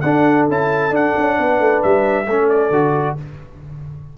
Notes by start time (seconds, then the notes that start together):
0.00 D4 A4 F#5
0.48 C#4 E4 A5
0.90 D4 F#5
1.17 C#4
1.37 B3 B4
1.59 A3
1.82 G3 E5
2.27 A3 C#4 A4
2.49 D5
2.70 D3 F#4